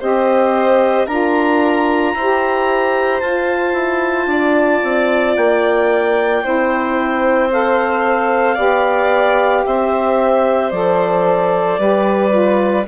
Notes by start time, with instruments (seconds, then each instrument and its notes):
0.00 bassoon C4, saxophone G4, violin C5, clarinet D#5
1.07 bassoon D4, saxophone F4, violin A#4, clarinet A#5
2.14 bassoon E4, saxophone G4, violin C5
3.20 bassoon F4, saxophone F4, clarinet A5
3.73 bassoon E4
4.27 bassoon D4, violin D5
4.83 bassoon C4
5.36 bassoon A#3, clarinet G5
6.42 bassoon C4, saxophone E4, violin C5
7.52 saxophone A4, clarinet F5
8.55 bassoon B3, saxophone G4, violin D5
9.66 bassoon C4, violin C5, clarinet E5
10.71 bassoon F3, saxophone A4, clarinet D5
11.79 bassoon G3, saxophone G4, violin B4
12.30 saxophone F4